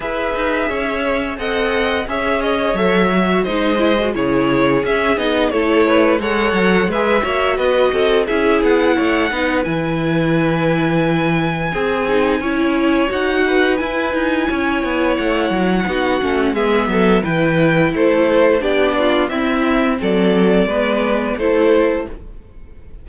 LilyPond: <<
  \new Staff \with { instrumentName = "violin" } { \time 4/4 \tempo 4 = 87 e''2 fis''4 e''8 dis''8 | e''4 dis''4 cis''4 e''8 dis''8 | cis''4 fis''4 e''4 dis''4 | e''8 fis''4. gis''2~ |
gis''2. fis''4 | gis''2 fis''2 | e''4 g''4 c''4 d''4 | e''4 d''2 c''4 | }
  \new Staff \with { instrumentName = "violin" } { \time 4/4 b'4 cis''4 dis''4 cis''4~ | cis''4 c''4 gis'2 | a'8 b'8 cis''4 b'8 cis''8 b'8 a'8 | gis'4 cis''8 b'2~ b'8~ |
b'4 gis'4 cis''4. b'8~ | b'4 cis''2 fis'4 | gis'8 a'8 b'4 a'4 g'8 f'8 | e'4 a'4 b'4 a'4 | }
  \new Staff \with { instrumentName = "viola" } { \time 4/4 gis'2 a'4 gis'4 | a'8 fis'8 dis'8 e'16 fis'16 e'4 cis'8 dis'8 | e'4 a'4 gis'8 fis'4. | e'4. dis'8 e'2~ |
e'4 gis'8 dis'8 e'4 fis'4 | e'2. dis'8 cis'8 | b4 e'2 d'4 | c'2 b4 e'4 | }
  \new Staff \with { instrumentName = "cello" } { \time 4/4 e'8 dis'8 cis'4 c'4 cis'4 | fis4 gis4 cis4 cis'8 b8 | a4 gis8 fis8 gis8 ais8 b8 c'8 | cis'8 b8 a8 b8 e2~ |
e4 c'4 cis'4 dis'4 | e'8 dis'8 cis'8 b8 a8 fis8 b8 a8 | gis8 fis8 e4 a4 b4 | c'4 fis4 gis4 a4 | }
>>